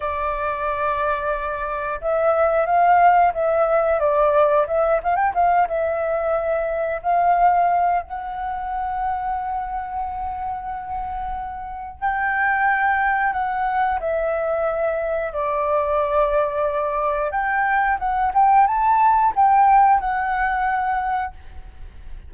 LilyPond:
\new Staff \with { instrumentName = "flute" } { \time 4/4 \tempo 4 = 90 d''2. e''4 | f''4 e''4 d''4 e''8 f''16 g''16 | f''8 e''2 f''4. | fis''1~ |
fis''2 g''2 | fis''4 e''2 d''4~ | d''2 g''4 fis''8 g''8 | a''4 g''4 fis''2 | }